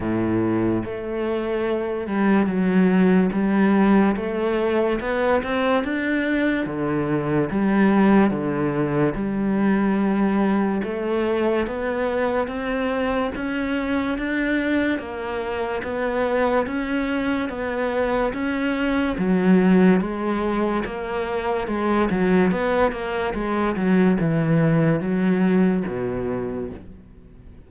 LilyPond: \new Staff \with { instrumentName = "cello" } { \time 4/4 \tempo 4 = 72 a,4 a4. g8 fis4 | g4 a4 b8 c'8 d'4 | d4 g4 d4 g4~ | g4 a4 b4 c'4 |
cis'4 d'4 ais4 b4 | cis'4 b4 cis'4 fis4 | gis4 ais4 gis8 fis8 b8 ais8 | gis8 fis8 e4 fis4 b,4 | }